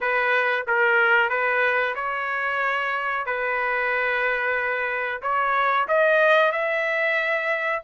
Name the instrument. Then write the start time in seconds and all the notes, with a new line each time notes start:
trumpet
0.01 B4
0.67 A#4
1.29 B4
1.95 C#5
3.25 B4
5.22 C#5
5.88 D#5
6.52 E5